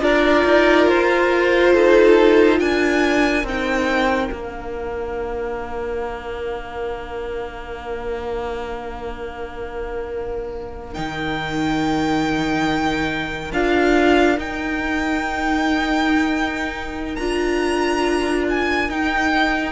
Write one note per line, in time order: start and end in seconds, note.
0.00 0.43 D4
0.00 3.43 F4
0.00 1.72 A#4
0.00 0.88 D5
0.44 0.86 D#4
0.86 1.72 F4
0.86 2.59 C5
1.72 2.60 D#4
1.72 2.58 A4
2.59 3.43 D4
2.59 19.72 A#4
2.59 3.45 G#5
3.43 4.29 C4
3.43 4.31 D#4
3.43 4.33 G5
4.31 10.95 A#3
4.31 10.94 D4
4.31 10.94 F5
10.94 13.52 D#3
10.94 13.51 D#4
10.94 13.51 G5
13.52 14.38 D4
13.52 14.37 F4
13.52 14.39 F5
14.37 17.16 D#4
14.37 17.15 G5
17.15 18.89 D4
17.15 18.89 F4
17.15 18.44 A#5
18.49 18.90 G#5
18.89 19.72 D#4
18.89 19.72 G5